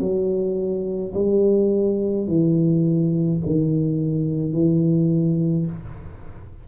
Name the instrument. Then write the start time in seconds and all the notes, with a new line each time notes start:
tuba
0.00 F#3
1.14 G3
2.27 E3
3.46 D#3
4.53 E3